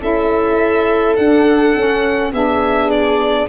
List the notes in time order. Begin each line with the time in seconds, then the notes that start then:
0.00 C#4 E4 A4 E5
1.16 D4 F#5
1.76 C#4
2.32 B3 D4 G#4 E5
2.90 D5